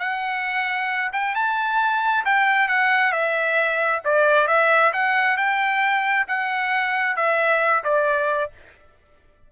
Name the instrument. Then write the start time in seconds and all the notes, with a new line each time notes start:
trumpet
0.00 F#5
1.13 G5
1.36 A5
2.26 G5
2.69 F#5
3.13 E5
4.05 D5
4.48 E5
4.94 F#5
5.38 G5
6.28 F#5
7.17 E5
7.84 D5